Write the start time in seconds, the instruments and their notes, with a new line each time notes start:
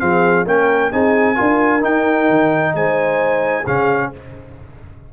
0.00 tuba F3, trombone C4, horn G#4, trumpet F5
0.46 tuba A#3, trombone C#4, horn A#4, trumpet G5
0.92 tuba C4, trombone D#4, horn G#4, trumpet G#5
1.36 tuba D4, trombone F4, horn A#4
1.81 trombone D#4, tuba D#4, trumpet G5
2.30 tuba D#3
2.75 tuba G#3, horn C5, trumpet G#5
3.64 tuba C#3, trombone C#4, horn G#4, trumpet F5